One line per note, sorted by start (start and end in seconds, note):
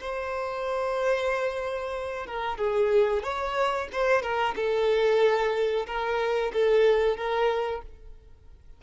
0.00 2.26 C5
2.26 2.57 A#4
2.57 3.23 G#4
3.23 3.88 C#5
3.92 4.22 C5
4.22 4.54 A#4
4.56 5.86 A4
5.86 6.52 A#4
6.53 7.17 A4
7.17 7.82 A#4